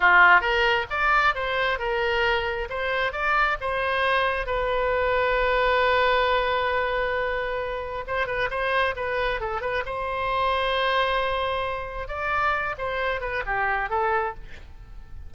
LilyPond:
\new Staff \with { instrumentName = "oboe" } { \time 4/4 \tempo 4 = 134 f'4 ais'4 d''4 c''4 | ais'2 c''4 d''4 | c''2 b'2~ | b'1~ |
b'2 c''8 b'8 c''4 | b'4 a'8 b'8 c''2~ | c''2. d''4~ | d''8 c''4 b'8 g'4 a'4 | }